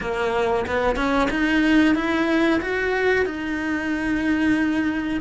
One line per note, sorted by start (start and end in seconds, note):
0.00 0.66 A#3
0.66 0.95 B3
0.95 1.28 C#4
1.30 1.95 D#4
1.95 2.60 E4
2.61 3.25 F#4
3.25 5.20 D#4